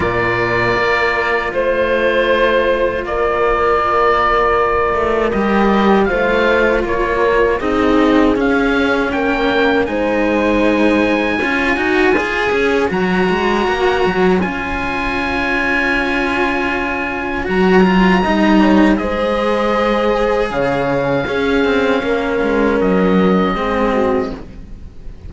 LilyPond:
<<
  \new Staff \with { instrumentName = "oboe" } { \time 4/4 \tempo 4 = 79 d''2 c''2 | d''2. dis''4 | f''4 cis''4 dis''4 f''4 | g''4 gis''2.~ |
gis''4 ais''2 gis''4~ | gis''2. ais''4~ | ais''4 dis''2 f''4~ | f''2 dis''2 | }
  \new Staff \with { instrumentName = "horn" } { \time 4/4 ais'2 c''2 | ais'1 | c''4 ais'4 gis'2 | ais'4 c''2 cis''4~ |
cis''1~ | cis''1 | dis''8 cis''8 c''2 cis''4 | gis'4 ais'2 gis'8 fis'8 | }
  \new Staff \with { instrumentName = "cello" } { \time 4/4 f'1~ | f'2. g'4 | f'2 dis'4 cis'4~ | cis'4 dis'2 f'8 fis'8 |
gis'4 fis'2 f'4~ | f'2. fis'8 f'8 | dis'4 gis'2. | cis'2. c'4 | }
  \new Staff \with { instrumentName = "cello" } { \time 4/4 ais,4 ais4 a2 | ais2~ ais8 a8 g4 | a4 ais4 c'4 cis'4 | ais4 gis2 cis'8 dis'8 |
f'8 cis'8 fis8 gis8 ais8 fis8 cis'4~ | cis'2. fis4 | g4 gis2 cis4 | cis'8 c'8 ais8 gis8 fis4 gis4 | }
>>